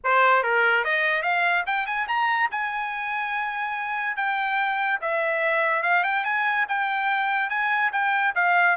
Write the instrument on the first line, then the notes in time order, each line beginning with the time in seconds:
trumpet
0.04 C5
0.43 A#4
0.84 D#5
1.22 F5
1.66 G5
1.86 G#5
2.08 A#5
2.51 G#5
4.16 G5
5.01 E5
5.82 F5
6.03 G5
6.24 G#5
6.68 G5
7.49 G#5
7.92 G5
8.35 F5